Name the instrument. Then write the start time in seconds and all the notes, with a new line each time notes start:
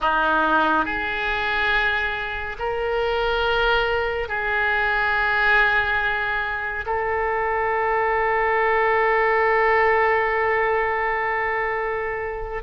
oboe
0.00 D#4
0.85 G#4
2.59 A#4
4.28 G#4
6.86 A4